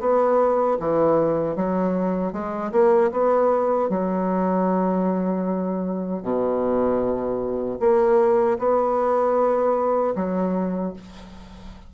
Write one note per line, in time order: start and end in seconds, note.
0.00 0.78 B3
0.79 1.56 E3
1.56 2.33 F#3
2.33 2.72 G#3
2.72 3.11 A#3
3.12 3.89 B3
3.89 6.23 F#3
6.23 7.79 B2
7.80 8.58 A#3
8.59 10.14 B3
10.15 10.93 F#3